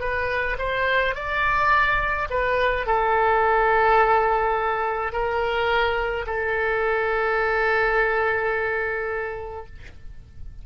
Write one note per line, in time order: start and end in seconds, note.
0.00 0.57 B4
0.58 1.15 C5
1.15 2.28 D5
2.30 2.86 B4
2.86 5.12 A4
5.12 6.25 A#4
6.26 9.66 A4